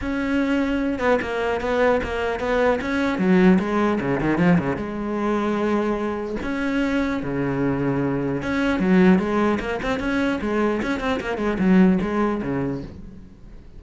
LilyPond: \new Staff \with { instrumentName = "cello" } { \time 4/4 \tempo 4 = 150 cis'2~ cis'8 b8 ais4 | b4 ais4 b4 cis'4 | fis4 gis4 cis8 dis8 f8 cis8 | gis1 |
cis'2 cis2~ | cis4 cis'4 fis4 gis4 | ais8 c'8 cis'4 gis4 cis'8 c'8 | ais8 gis8 fis4 gis4 cis4 | }